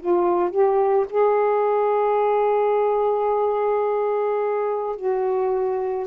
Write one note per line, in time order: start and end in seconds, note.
0.00 0.51 F4
0.51 1.06 G4
1.10 4.96 G#4
4.96 6.07 F#4